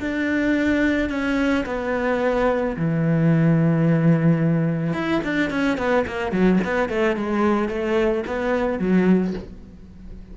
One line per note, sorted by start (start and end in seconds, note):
0.00 1.10 D4
1.10 1.65 C#4
1.66 2.76 B3
2.77 4.94 E3
4.94 5.21 E4
5.24 5.50 D4
5.50 5.78 C#4
5.78 6.05 B3
6.07 6.32 A#3
6.32 6.59 F#3
6.65 6.89 B3
6.89 7.16 A3
7.16 7.69 G#3
7.69 8.24 A3
8.27 8.79 B3
8.79 9.34 F#3